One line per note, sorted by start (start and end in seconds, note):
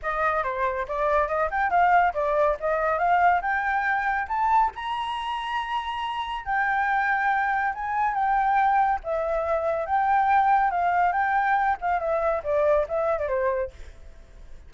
0.02 0.43 D#5
0.43 0.86 C5
0.88 1.28 D5
1.28 1.49 D#5
1.50 1.70 G5
1.70 2.13 F5
2.14 2.57 D5
2.60 2.98 D#5
2.98 3.41 F5
3.41 4.27 G5
4.27 4.70 A5
4.75 6.45 A#5
6.45 7.73 G5
7.74 8.14 G#5
8.14 8.99 G5
9.03 9.86 E5
9.86 10.70 G5
10.70 11.12 F5
11.12 11.76 G5
11.81 11.99 F5
11.99 12.42 E5
12.43 12.86 D5
12.88 13.18 E5
13.18 13.28 D5
13.28 13.70 C5